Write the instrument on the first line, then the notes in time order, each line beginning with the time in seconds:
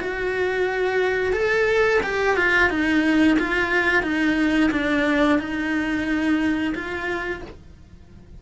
cello
0.00 F#4
1.33 A4
2.03 G4
2.37 F4
2.70 D#4
3.39 F4
4.03 D#4
4.71 D4
5.38 D#4
6.74 F4